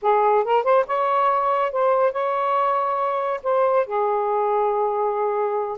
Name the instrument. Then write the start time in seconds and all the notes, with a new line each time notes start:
saxophone
0.02 G#4
0.44 A#4
0.63 C5
0.86 C#5
1.72 C5
2.11 C#5
3.43 C5
3.86 G#4